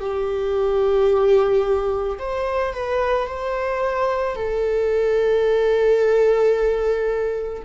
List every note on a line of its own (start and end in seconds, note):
0.00 2.18 G4
2.19 2.74 C5
2.74 3.27 B4
3.27 4.36 C5
4.36 7.63 A4